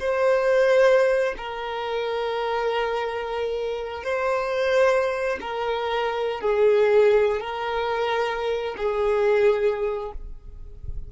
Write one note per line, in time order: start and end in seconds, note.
0.00 1.35 C5
1.38 4.04 A#4
4.04 5.39 C5
5.41 6.41 A#4
6.41 7.41 G#4
7.41 8.75 A#4
8.78 10.12 G#4